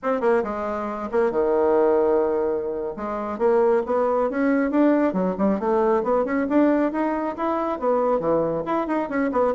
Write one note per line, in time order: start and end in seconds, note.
0.02 0.20 C4
0.20 0.42 A#3
0.43 1.09 G#3
1.11 1.30 A#3
1.30 2.94 D#3
2.96 3.38 G#3
3.38 3.82 A#3
3.86 4.30 B3
4.30 4.70 C#4
4.70 5.13 D4
5.13 5.35 F#3
5.37 5.59 G3
5.59 6.03 A3
6.03 6.24 B3
6.24 6.46 C#4
6.49 6.91 D4
6.91 7.35 D#4
7.36 7.79 E4
7.79 8.19 B3
8.19 8.63 E3
8.65 8.87 E4
8.87 9.09 D#4
9.09 9.31 C#4
9.32 9.54 B3